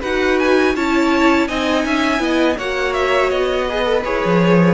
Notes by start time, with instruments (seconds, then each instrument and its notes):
0.00 cello D#4, viola F#4, violin B4 F#5
0.39 violin G#5
0.75 cello C#4, viola E4, violin C#5 A5
1.47 cello C4, viola D#4, violin D#5 G#5
1.84 cello C#4, violin E5
2.18 cello B3, viola E4, violin D#5
2.57 cello A#3, viola F#4, violin C#5 F#5
2.93 violin E5
3.30 cello B3, violin D#5
3.69 viola G#4, violin B4
3.84 viola A4
4.04 cello E4, viola G#4, violin C#5
4.25 cello F3